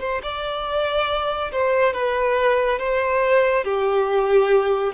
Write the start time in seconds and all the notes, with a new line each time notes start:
0.00 C5
0.23 D5
1.52 C5
1.93 B4
2.79 C5
3.64 G4